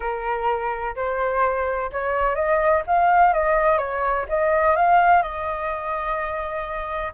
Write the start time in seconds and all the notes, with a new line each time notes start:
0.00 A#4
0.95 C5
1.92 C#5
2.35 D#5
2.86 F5
3.33 D#5
3.78 C#5
4.28 D#5
4.76 F5
5.22 D#5